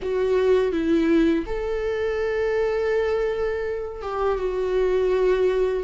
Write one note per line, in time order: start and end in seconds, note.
0.02 0.72 F#4
0.72 1.45 E4
1.46 4.02 A4
4.02 4.38 G4
4.38 5.83 F#4